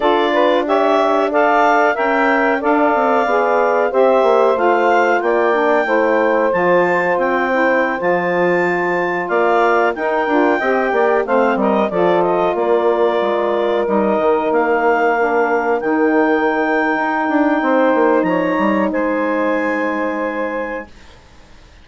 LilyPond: <<
  \new Staff \with { instrumentName = "clarinet" } { \time 4/4 \tempo 4 = 92 d''4 e''4 f''4 g''4 | f''2 e''4 f''4 | g''2 a''4 g''4~ | g''16 a''2 f''4 g''8.~ |
g''4~ g''16 f''8 dis''8 d''8 dis''8 d''8.~ | d''4~ d''16 dis''4 f''4.~ f''16~ | f''16 g''2.~ g''8. | ais''4 gis''2. | }
  \new Staff \with { instrumentName = "saxophone" } { \time 4/4 a'8 b'8 cis''4 d''4 e''4 | d''2 c''2 | d''4 c''2.~ | c''2~ c''16 d''4 ais'8.~ |
ais'16 dis''8 d''8 c''8 ais'8 a'4 ais'8.~ | ais'1~ | ais'2. c''4 | cis''4 c''2. | }
  \new Staff \with { instrumentName = "saxophone" } { \time 4/4 f'4 g'4 a'4 ais'4 | a'4 gis'4 g'4 f'4~ | f'8 d'8 e'4 f'4. e'8~ | e'16 f'2. dis'8 f'16~ |
f'16 g'4 c'4 f'4.~ f'16~ | f'4~ f'16 dis'2 d'8.~ | d'16 dis'2.~ dis'8.~ | dis'1 | }
  \new Staff \with { instrumentName = "bassoon" } { \time 4/4 d'2. cis'4 | d'8 c'8 b4 c'8 ais8 a4 | ais4 a4 f4 c'4~ | c'16 f2 ais4 dis'8 d'16~ |
d'16 c'8 ais8 a8 g8 f4 ais8.~ | ais16 gis4 g8 dis8 ais4.~ ais16~ | ais16 dis4.~ dis16 dis'8 d'8 c'8 ais8 | f8 g8 gis2. | }
>>